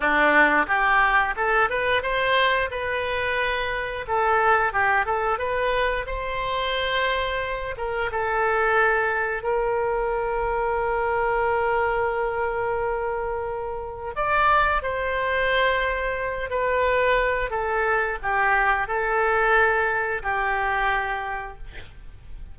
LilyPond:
\new Staff \with { instrumentName = "oboe" } { \time 4/4 \tempo 4 = 89 d'4 g'4 a'8 b'8 c''4 | b'2 a'4 g'8 a'8 | b'4 c''2~ c''8 ais'8 | a'2 ais'2~ |
ais'1~ | ais'4 d''4 c''2~ | c''8 b'4. a'4 g'4 | a'2 g'2 | }